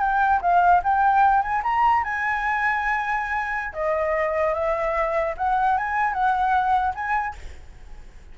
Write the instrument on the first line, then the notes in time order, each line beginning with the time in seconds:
flute
0.00 G5
0.42 F5
0.84 G5
1.42 G#5
1.63 A#5
2.04 G#5
3.73 D#5
4.54 E5
5.37 F#5
5.78 G#5
6.13 F#5
6.95 G#5